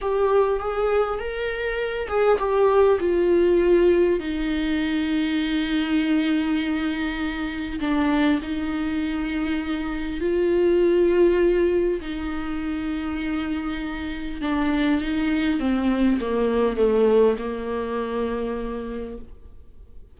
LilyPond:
\new Staff \with { instrumentName = "viola" } { \time 4/4 \tempo 4 = 100 g'4 gis'4 ais'4. gis'8 | g'4 f'2 dis'4~ | dis'1~ | dis'4 d'4 dis'2~ |
dis'4 f'2. | dis'1 | d'4 dis'4 c'4 ais4 | a4 ais2. | }